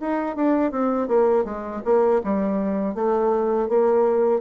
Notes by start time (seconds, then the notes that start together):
0.00 D#4
0.36 D4
0.71 C4
1.08 A#3
1.44 G#3
1.84 A#3
2.24 G3
2.94 A3
3.68 A#3